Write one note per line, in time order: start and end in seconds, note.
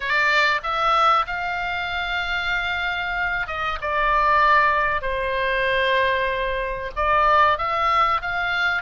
0.00 0.60 D5
0.63 1.26 E5
1.26 3.47 F5
3.47 3.78 D#5
3.81 5.01 D5
5.01 6.91 C5
6.96 7.58 D5
7.58 8.21 E5
8.21 8.82 F5